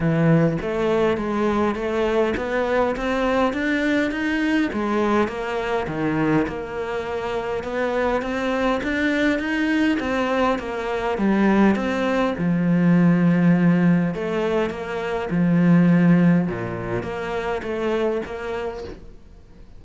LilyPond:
\new Staff \with { instrumentName = "cello" } { \time 4/4 \tempo 4 = 102 e4 a4 gis4 a4 | b4 c'4 d'4 dis'4 | gis4 ais4 dis4 ais4~ | ais4 b4 c'4 d'4 |
dis'4 c'4 ais4 g4 | c'4 f2. | a4 ais4 f2 | ais,4 ais4 a4 ais4 | }